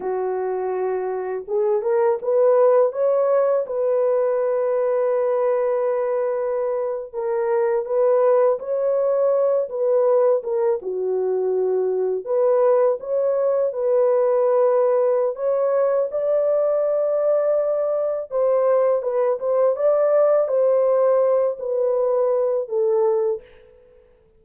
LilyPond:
\new Staff \with { instrumentName = "horn" } { \time 4/4 \tempo 4 = 82 fis'2 gis'8 ais'8 b'4 | cis''4 b'2.~ | b'4.~ b'16 ais'4 b'4 cis''16~ | cis''4~ cis''16 b'4 ais'8 fis'4~ fis'16~ |
fis'8. b'4 cis''4 b'4~ b'16~ | b'4 cis''4 d''2~ | d''4 c''4 b'8 c''8 d''4 | c''4. b'4. a'4 | }